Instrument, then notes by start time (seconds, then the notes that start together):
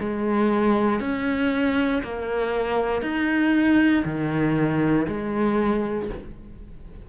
cello
0.00 G#3
1.00 C#4
2.03 A#3
3.01 D#4
4.04 D#3
5.07 G#3